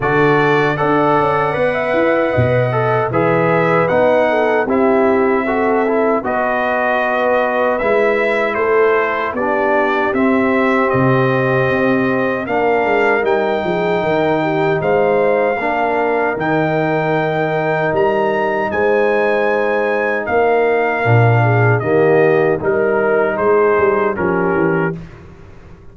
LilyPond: <<
  \new Staff \with { instrumentName = "trumpet" } { \time 4/4 \tempo 4 = 77 d''4 fis''2. | e''4 fis''4 e''2 | dis''2 e''4 c''4 | d''4 e''4 dis''2 |
f''4 g''2 f''4~ | f''4 g''2 ais''4 | gis''2 f''2 | dis''4 ais'4 c''4 ais'4 | }
  \new Staff \with { instrumentName = "horn" } { \time 4/4 a'4 d''4~ d''16 e''8. dis''4 | b'4. a'8 g'4 a'4 | b'2. a'4 | g'1 |
ais'4. gis'8 ais'8 g'8 c''4 | ais'1 | c''2 ais'4. gis'8 | g'4 ais'4 gis'4 g'4 | }
  \new Staff \with { instrumentName = "trombone" } { \time 4/4 fis'4 a'4 b'4. a'8 | gis'4 dis'4 e'4 fis'8 e'8 | fis'2 e'2 | d'4 c'2. |
d'4 dis'2. | d'4 dis'2.~ | dis'2. d'4 | ais4 dis'2 cis'4 | }
  \new Staff \with { instrumentName = "tuba" } { \time 4/4 d4 d'8 cis'8 b8 e'8 b,4 | e4 b4 c'2 | b2 gis4 a4 | b4 c'4 c4 c'4 |
ais8 gis8 g8 f8 dis4 gis4 | ais4 dis2 g4 | gis2 ais4 ais,4 | dis4 g4 gis8 g8 f8 e8 | }
>>